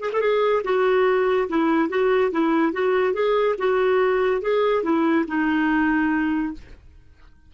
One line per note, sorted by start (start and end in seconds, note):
0.00 0.10 G#4
0.13 0.21 A4
0.21 0.63 G#4
0.64 1.48 F#4
1.49 1.89 E4
1.89 2.31 F#4
2.32 2.73 E4
2.73 3.14 F#4
3.14 3.55 G#4
3.58 4.42 F#4
4.42 4.83 G#4
4.83 5.25 E4
5.28 6.53 D#4